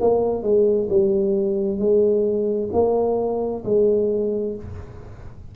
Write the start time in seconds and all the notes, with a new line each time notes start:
0.00 A#3
0.43 G#3
0.89 G3
1.79 G#3
2.73 A#3
3.64 G#3